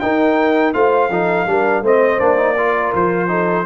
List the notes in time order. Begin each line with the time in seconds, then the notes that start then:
0.00 D#4 A#4 G5
0.74 A3 F4 C5 F5
1.10 F3 D#4 A4
1.47 G3 D4 A#4
1.82 A3 C4 C5 D#5
2.19 A#3 D4 D5
2.37 D#4
2.57 F4 A#4
2.94 F3 C5
3.28 D#4 A4